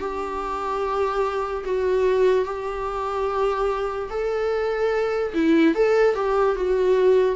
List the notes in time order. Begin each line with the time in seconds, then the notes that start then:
0.00 G4
1.65 F#4
2.45 G4
4.10 A4
5.34 E4
5.75 A4
6.15 G4
6.56 F#4